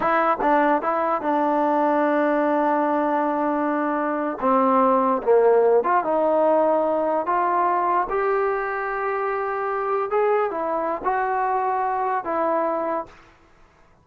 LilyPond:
\new Staff \with { instrumentName = "trombone" } { \time 4/4 \tempo 4 = 147 e'4 d'4 e'4 d'4~ | d'1~ | d'2~ d'8. c'4~ c'16~ | c'8. ais4. f'8 dis'4~ dis'16~ |
dis'4.~ dis'16 f'2 g'16~ | g'1~ | g'8. gis'4 e'4~ e'16 fis'4~ | fis'2 e'2 | }